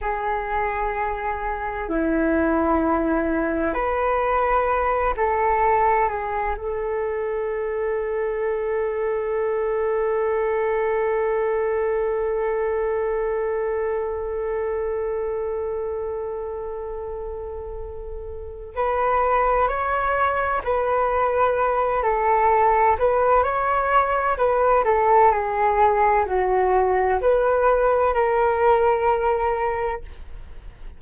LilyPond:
\new Staff \with { instrumentName = "flute" } { \time 4/4 \tempo 4 = 64 gis'2 e'2 | b'4. a'4 gis'8 a'4~ | a'1~ | a'1~ |
a'1 | b'4 cis''4 b'4. a'8~ | a'8 b'8 cis''4 b'8 a'8 gis'4 | fis'4 b'4 ais'2 | }